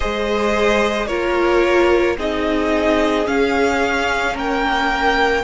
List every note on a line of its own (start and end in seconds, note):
0.00 1.08 G#3
0.00 1.08 G#4
0.00 1.07 C5
0.00 1.06 D#5
1.06 2.17 A#3
1.06 2.17 F4
1.06 2.16 A#4
1.06 2.15 C#5
2.17 3.26 C4
2.17 3.26 D#4
2.17 4.34 G#4
2.17 3.26 D#5
3.26 5.44 C#4
3.26 4.34 C#4
3.26 4.35 F5
4.34 5.43 A#3
4.34 5.43 A#4
4.34 5.44 G5